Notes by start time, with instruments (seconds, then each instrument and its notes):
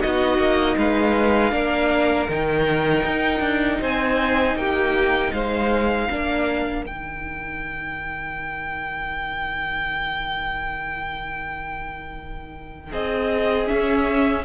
0.00 cello B3, viola D#4, violin F#4 D#5
0.38 cello A#3
0.78 cello G#3, violin B4 F5
1.52 cello A#3, viola D4, violin A#4
2.29 cello D#3, viola D#4, violin G5
3.05 cello D#4
3.41 cello D4
3.81 cello C4, violin C5 G#5
4.56 cello A#3, violin G4 G5
5.33 cello G#3, violin C5 F5
6.10 cello A#3, viola D4, violin A#4
6.86 cello D#3, viola D#4, violin G5
12.92 cello C4, violin G#4 D#5
13.67 viola C#4, violin E5
13.73 cello C#4